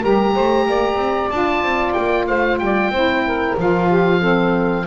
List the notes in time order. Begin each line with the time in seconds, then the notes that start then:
0.00 G3 G4 A#4 A#5
0.35 A3 C5
0.66 A#3 D5
0.95 C4
1.30 D4 F4 A5
1.62 C4
1.93 A#3 G5
2.27 A3 C5 F5
2.58 G3 D5 G5
2.89 C4 E4 C5
3.27 A#4
3.58 F3 F4 F5
3.89 G4
4.20 C4 A4